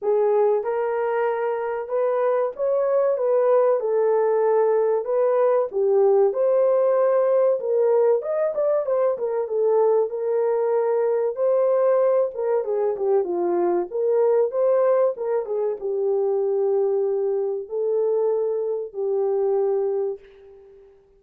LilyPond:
\new Staff \with { instrumentName = "horn" } { \time 4/4 \tempo 4 = 95 gis'4 ais'2 b'4 | cis''4 b'4 a'2 | b'4 g'4 c''2 | ais'4 dis''8 d''8 c''8 ais'8 a'4 |
ais'2 c''4. ais'8 | gis'8 g'8 f'4 ais'4 c''4 | ais'8 gis'8 g'2. | a'2 g'2 | }